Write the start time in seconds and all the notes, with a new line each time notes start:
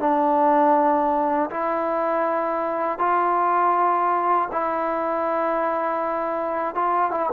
0.00 D4
1.50 E4
2.99 F4
4.52 E4
6.75 F4
7.11 E4